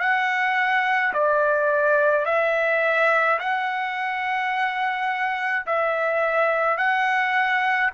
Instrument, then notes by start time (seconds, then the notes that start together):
trumpet
0.00 F#5
1.14 D5
2.26 E5
3.40 F#5
5.66 E5
6.77 F#5